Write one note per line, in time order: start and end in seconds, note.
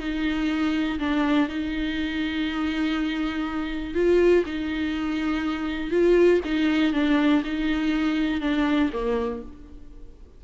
0.00 0.99 D#4
0.99 1.49 D4
1.49 3.95 D#4
3.95 4.44 F4
4.46 5.91 D#4
5.91 6.41 F4
6.45 6.94 D#4
6.94 7.43 D4
7.44 8.41 D#4
8.41 8.91 D4
8.93 9.43 A#3